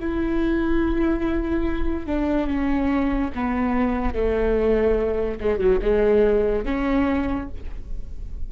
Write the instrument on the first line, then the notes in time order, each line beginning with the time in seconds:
viola
0.00 E4
2.06 D4
2.47 C#4
3.35 B3
4.14 A3
5.41 G#3
5.59 F#3
5.82 G#3
6.66 C#4